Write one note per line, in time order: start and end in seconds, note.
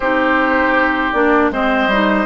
0.00 1.12 C4
0.00 1.14 D#4
0.00 1.50 G4
0.00 1.12 C5
1.12 1.50 A#3
1.12 1.52 D4
1.12 1.50 D5
1.50 1.87 G#3
1.50 1.90 C4
1.50 2.26 C5
1.50 2.26 D#5
1.87 2.25 G3
1.87 2.26 D#4